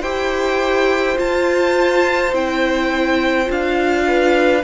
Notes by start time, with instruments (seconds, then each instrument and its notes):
0.00 cello E4, viola G4, violin C5 G5
1.15 viola F4, cello F4, violin A5
2.33 cello C4, viola E4, violin G5
3.45 cello D4, viola F4, violin F5
4.07 violin B4